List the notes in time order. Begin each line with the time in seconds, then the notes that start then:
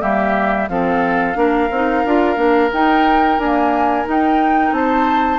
0.00 G3 A#3 G4 E5
0.69 F3 C4 A4 F5
1.35 A#3 D4 A#4
1.71 C4 D#4
2.05 D4 F4
2.36 A#3 D4
2.73 D#4 G5
3.39 A#3 D4 G#5
4.05 D#4 G5
4.72 C4 C5 A5